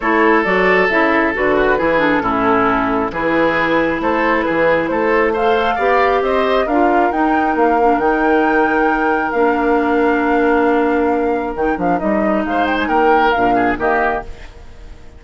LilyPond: <<
  \new Staff \with { instrumentName = "flute" } { \time 4/4 \tempo 4 = 135 cis''4 d''4 e''4 b'4~ | b'8 a'2~ a'8 b'4~ | b'4 c''4 b'4 c''4 | f''2 dis''4 f''4 |
g''4 f''4 g''2~ | g''4 f''2.~ | f''2 g''8 f''8 dis''4 | f''8 g''16 gis''16 g''4 f''4 dis''4 | }
  \new Staff \with { instrumentName = "oboe" } { \time 4/4 a'2.~ a'8 fis'8 | gis'4 e'2 gis'4~ | gis'4 a'4 gis'4 a'4 | c''4 d''4 c''4 ais'4~ |
ais'1~ | ais'1~ | ais'1 | c''4 ais'4. gis'8 g'4 | }
  \new Staff \with { instrumentName = "clarinet" } { \time 4/4 e'4 fis'4 e'4 fis'4 | e'8 d'8 cis'2 e'4~ | e'1 | a'4 g'2 f'4 |
dis'4. d'8 dis'2~ | dis'4 d'2.~ | d'2 dis'8 d'8 dis'4~ | dis'2 d'4 ais4 | }
  \new Staff \with { instrumentName = "bassoon" } { \time 4/4 a4 fis4 cis4 d4 | e4 a,2 e4~ | e4 a4 e4 a4~ | a4 b4 c'4 d'4 |
dis'4 ais4 dis2~ | dis4 ais2.~ | ais2 dis8 f8 g4 | gis4 ais4 ais,4 dis4 | }
>>